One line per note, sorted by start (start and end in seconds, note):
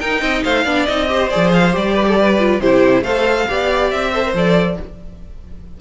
0.00 0.66 D#4
0.00 0.22 D#4
0.00 0.21 A#4
0.00 0.43 G5
0.21 0.43 C4
0.21 0.43 D#5
0.43 0.65 A3
0.43 0.64 C5
0.43 0.86 F5
0.64 0.87 B3
0.64 0.88 D4
0.64 1.08 D5
0.86 1.33 C4
0.86 1.08 D#4
0.86 1.29 D#5
1.08 1.30 G4
1.08 1.94 C5
1.29 1.75 F3
1.29 1.72 G#4
1.29 1.51 D5
1.53 1.75 F5
1.72 2.60 G3
1.72 2.37 G4
1.72 2.60 D5
1.94 2.05 B4
2.08 2.19 A4
2.19 2.62 B4
2.39 2.61 F4
2.60 3.02 C3
2.60 3.05 E4
2.60 3.04 G4
2.60 3.04 C5
3.02 3.45 A3
3.02 3.48 A4
3.02 3.48 C5
3.02 3.91 F5
3.48 3.93 B3
3.48 4.14 G4
3.48 4.12 D5
3.91 4.33 C4
3.91 4.34 E5
4.12 4.25 A4
4.12 4.77 C5
4.25 4.35 A#4
4.33 4.77 F3
4.33 4.79 A4
4.33 4.81 D5